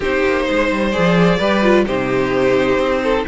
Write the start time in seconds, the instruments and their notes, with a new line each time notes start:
0.00 cello C4, viola D#4, violin G4 C5
0.25 cello A#3
0.45 cello G#3, violin C5
0.71 cello G3
0.91 cello F3, viola G#4, violin D5
1.38 cello G3, viola G4, violin B4
1.63 viola F4
1.85 cello C3, viola D#4, violin G4 C5
2.78 cello C4
3.03 violin A4